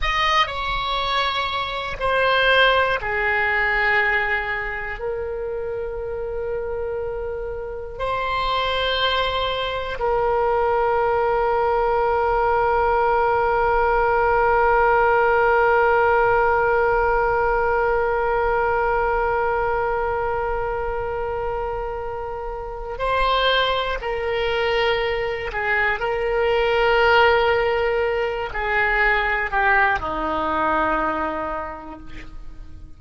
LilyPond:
\new Staff \with { instrumentName = "oboe" } { \time 4/4 \tempo 4 = 60 dis''8 cis''4. c''4 gis'4~ | gis'4 ais'2. | c''2 ais'2~ | ais'1~ |
ais'1~ | ais'2. c''4 | ais'4. gis'8 ais'2~ | ais'8 gis'4 g'8 dis'2 | }